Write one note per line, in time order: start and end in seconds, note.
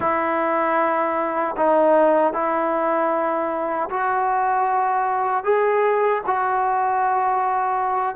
0.00 1.55 E4
1.57 2.33 D#4
2.33 3.89 E4
3.90 5.44 F#4
5.44 6.22 G#4
6.26 8.15 F#4